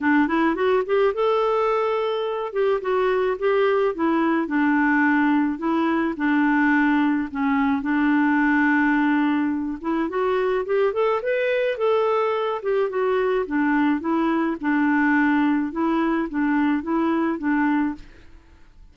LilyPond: \new Staff \with { instrumentName = "clarinet" } { \time 4/4 \tempo 4 = 107 d'8 e'8 fis'8 g'8 a'2~ | a'8 g'8 fis'4 g'4 e'4 | d'2 e'4 d'4~ | d'4 cis'4 d'2~ |
d'4. e'8 fis'4 g'8 a'8 | b'4 a'4. g'8 fis'4 | d'4 e'4 d'2 | e'4 d'4 e'4 d'4 | }